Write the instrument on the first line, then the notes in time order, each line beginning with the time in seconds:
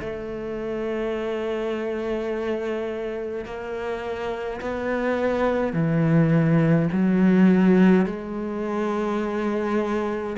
cello
0.00 A3
3.45 A#3
4.61 B3
5.73 E3
6.92 F#3
8.06 G#3